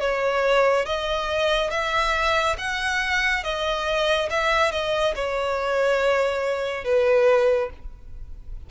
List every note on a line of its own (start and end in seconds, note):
0.00 0.85 C#5
0.85 1.70 D#5
1.70 2.56 E5
2.58 3.43 F#5
3.43 4.29 D#5
4.30 4.71 E5
4.71 5.14 D#5
5.15 6.84 C#5
6.84 7.70 B4